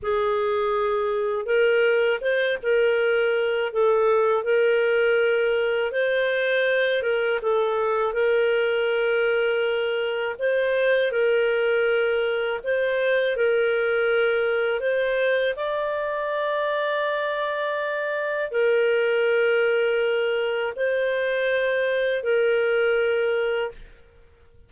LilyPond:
\new Staff \with { instrumentName = "clarinet" } { \time 4/4 \tempo 4 = 81 gis'2 ais'4 c''8 ais'8~ | ais'4 a'4 ais'2 | c''4. ais'8 a'4 ais'4~ | ais'2 c''4 ais'4~ |
ais'4 c''4 ais'2 | c''4 d''2.~ | d''4 ais'2. | c''2 ais'2 | }